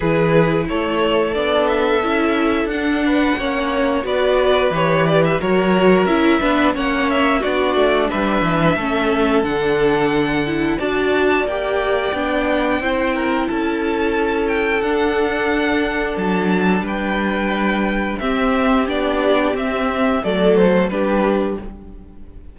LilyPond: <<
  \new Staff \with { instrumentName = "violin" } { \time 4/4 \tempo 4 = 89 b'4 cis''4 d''8 e''4. | fis''2 d''4 cis''8 d''16 e''16 | cis''4 e''4 fis''8 e''8 d''4 | e''2 fis''2 |
a''4 g''2. | a''4. g''8 fis''2 | a''4 g''2 e''4 | d''4 e''4 d''8 c''8 b'4 | }
  \new Staff \with { instrumentName = "violin" } { \time 4/4 gis'4 a'2.~ | a'8 b'8 cis''4 b'2 | ais'4. b'8 cis''4 fis'4 | b'4 a'2. |
d''2. c''8 ais'8 | a'1~ | a'4 b'2 g'4~ | g'2 a'4 g'4 | }
  \new Staff \with { instrumentName = "viola" } { \time 4/4 e'2 d'4 e'4 | d'4 cis'4 fis'4 g'4 | fis'4 e'8 d'8 cis'4 d'4~ | d'4 cis'4 d'4. e'8 |
fis'4 g'4 d'4 e'4~ | e'2 d'2~ | d'2. c'4 | d'4 c'4 a4 d'4 | }
  \new Staff \with { instrumentName = "cello" } { \time 4/4 e4 a4 b4 cis'4 | d'4 ais4 b4 e4 | fis4 cis'8 b8 ais4 b8 a8 | g8 e8 a4 d2 |
d'4 ais4 b4 c'4 | cis'2 d'2 | fis4 g2 c'4 | b4 c'4 fis4 g4 | }
>>